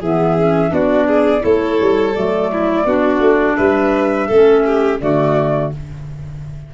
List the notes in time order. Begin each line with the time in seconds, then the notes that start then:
0.00 E3 B3 G#4 E5
0.38 C#4
0.69 B3 D4 F#4 D5
1.07 G#4
1.40 A3 E4 A4 C#5
1.81 G3
2.15 F#3 A3 D5
2.53 E4
2.86 B3 D4 F#4
3.20 A3
3.56 G3 B4 E5
4.27 A3 C#4 A4
4.66 G4
5.01 D3 A3 F#4 D5